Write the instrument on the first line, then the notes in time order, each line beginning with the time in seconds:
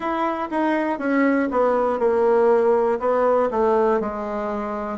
bassoon
0.00 E4
0.50 D#4
0.99 C#4
1.51 B3
1.99 A#3
3.00 B3
3.50 A3
4.00 G#3